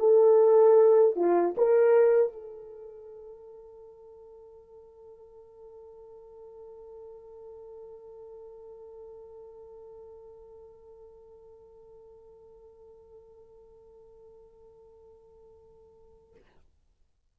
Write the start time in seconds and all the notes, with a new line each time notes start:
0.00 A4
1.17 F4
1.58 A#4
2.33 A4